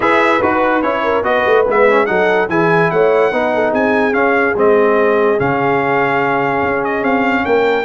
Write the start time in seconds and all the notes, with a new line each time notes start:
0.00 E4 G#4 B4 E5
0.41 D#4 F#4 B4
0.82 C#4 E4 C#5
1.03 A#4
1.23 B3 F#4 B4 D#5
1.45 A3
1.67 G#3 B3 E5
1.89 C#4
2.06 F#3 D#4 A4 F#5
2.48 E3 E4 G#4 G#5
2.90 A3 C#5 F#5
3.31 B3 D#4 B4
3.54 A4
3.71 C4 G#4 G#5
4.12 C#4 F5
4.55 G#3 C4 D#5
5.38 C#3 C#4 F5
6.62 C#4
6.84 D#5
7.02 C4 F5
7.45 A#3 A#4 G5